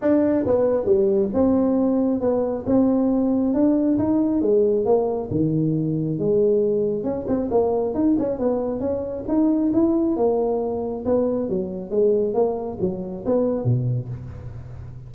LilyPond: \new Staff \with { instrumentName = "tuba" } { \time 4/4 \tempo 4 = 136 d'4 b4 g4 c'4~ | c'4 b4 c'2 | d'4 dis'4 gis4 ais4 | dis2 gis2 |
cis'8 c'8 ais4 dis'8 cis'8 b4 | cis'4 dis'4 e'4 ais4~ | ais4 b4 fis4 gis4 | ais4 fis4 b4 b,4 | }